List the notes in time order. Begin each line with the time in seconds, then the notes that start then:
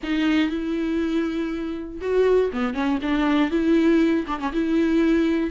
0.03 D#4
0.50 E4
2.01 F#4
2.52 B3
2.73 C#4
3.01 D4
3.50 E4
4.27 D4
4.39 C#4
4.52 E4